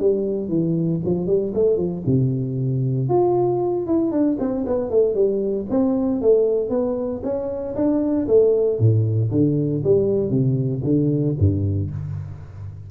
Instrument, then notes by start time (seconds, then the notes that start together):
tuba
0.00 G3
0.49 E3
1.05 F3
1.27 G3
1.54 A3
1.78 F3
2.06 C3
3.09 F4
3.87 E4
4.12 D4
4.40 C4
4.67 B3
4.91 A3
5.15 G3
5.70 C4
6.22 A3
6.70 B3
7.24 C#4
7.76 D4
8.28 A3
8.79 A2
9.31 D3
9.84 G3
10.30 C3
10.84 D3
11.39 G2